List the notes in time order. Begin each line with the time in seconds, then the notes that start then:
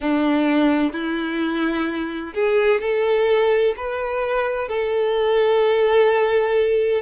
0.00 D4
0.92 E4
2.34 G#4
2.80 A4
3.77 B4
4.68 A4